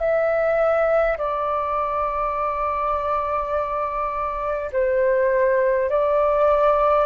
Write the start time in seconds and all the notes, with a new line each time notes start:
0.00 E5
1.18 D5
4.72 C5
5.90 D5